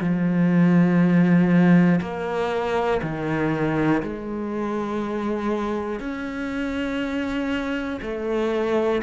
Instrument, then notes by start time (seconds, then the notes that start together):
cello
0.00 F3
2.01 A#3
3.02 D#3
4.02 G#3
6.00 C#4
8.02 A3